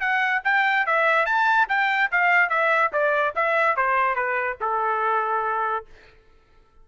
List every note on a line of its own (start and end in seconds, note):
0.00 0.42 F#5
0.44 0.86 G5
0.86 1.26 E5
1.26 1.67 A5
1.69 2.10 G5
2.11 2.49 F5
2.49 2.91 E5
2.92 3.34 D5
3.35 3.76 E5
3.76 4.15 C5
4.15 4.57 B4
4.60 5.85 A4